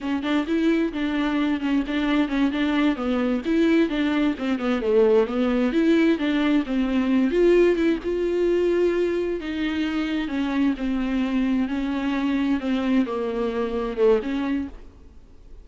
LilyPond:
\new Staff \with { instrumentName = "viola" } { \time 4/4 \tempo 4 = 131 cis'8 d'8 e'4 d'4. cis'8 | d'4 cis'8 d'4 b4 e'8~ | e'8 d'4 c'8 b8 a4 b8~ | b8 e'4 d'4 c'4. |
f'4 e'8 f'2~ f'8~ | f'8 dis'2 cis'4 c'8~ | c'4. cis'2 c'8~ | c'8 ais2 a8 cis'4 | }